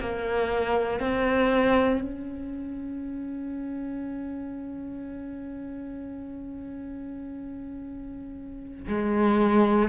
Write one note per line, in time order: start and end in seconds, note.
0.00 1.00 A#3
1.00 2.01 C4
2.01 8.87 C#4
8.88 9.89 G#3